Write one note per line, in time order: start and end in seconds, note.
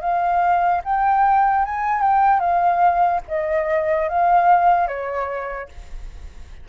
0.00 0.81 F5
0.84 1.64 G5
1.64 2.01 G#5
2.01 2.40 G5
2.40 3.21 F5
3.27 4.08 D#5
4.08 4.87 F5
4.87 5.68 C#5